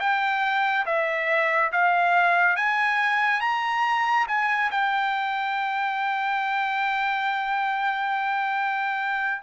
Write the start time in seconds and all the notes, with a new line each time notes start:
0.00 G5
0.86 E5
1.72 F5
2.56 G#5
3.41 A#5
4.28 G#5
4.71 G5